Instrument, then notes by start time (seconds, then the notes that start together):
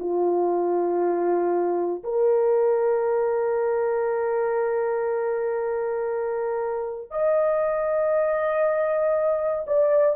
horn
0.00 F4
2.04 A#4
7.11 D#5
9.67 D5